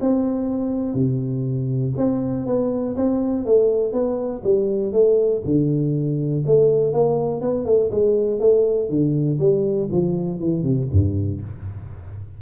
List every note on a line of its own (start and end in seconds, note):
0.00 0.94 C4
0.94 1.93 C3
1.97 2.46 C4
2.46 2.95 B3
2.96 3.45 C4
3.45 3.92 A3
3.92 4.42 B3
4.43 4.92 G3
4.92 5.42 A3
5.45 6.44 D3
6.46 6.93 A3
6.93 7.41 A#3
7.41 7.65 B3
7.65 7.90 A3
7.91 8.39 G#3
8.39 8.89 A3
8.89 9.39 D3
9.39 9.89 G3
9.91 10.39 F3
10.39 10.63 E3
10.63 10.87 C3
10.92 11.41 G2